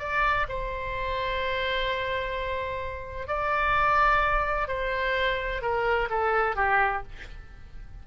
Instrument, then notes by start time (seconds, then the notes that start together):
oboe
0.00 D5
0.49 C5
3.28 D5
4.68 C5
5.62 A#4
6.10 A4
6.56 G4